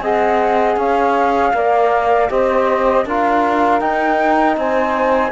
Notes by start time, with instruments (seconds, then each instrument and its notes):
0.00 cello C4, trombone G#4, saxophone D#5, flute F#5
0.76 cello C#4, saxophone C#5, flute F5
1.53 cello A#3, trombone A#4, saxophone D5
2.29 cello C4, trombone G4, saxophone C5, flute D#5
3.04 cello D4, trombone F4, saxophone A#4, flute F5
3.79 trombone D#4, cello D#4, flute G5
4.56 cello C4, saxophone C5, flute G#5